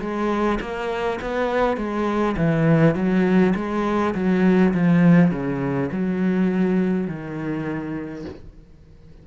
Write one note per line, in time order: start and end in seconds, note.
0.00 0.59 G#3
0.61 1.20 A#3
1.21 1.77 B3
1.77 2.36 G#3
2.37 2.95 E3
2.95 3.54 F#3
3.56 4.14 G#3
4.14 4.73 F#3
4.74 5.31 F3
5.31 5.90 C#3
5.92 7.07 F#3
7.07 8.25 D#3